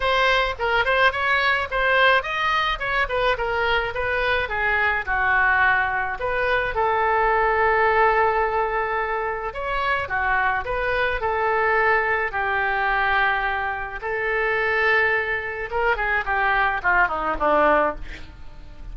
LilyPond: \new Staff \with { instrumentName = "oboe" } { \time 4/4 \tempo 4 = 107 c''4 ais'8 c''8 cis''4 c''4 | dis''4 cis''8 b'8 ais'4 b'4 | gis'4 fis'2 b'4 | a'1~ |
a'4 cis''4 fis'4 b'4 | a'2 g'2~ | g'4 a'2. | ais'8 gis'8 g'4 f'8 dis'8 d'4 | }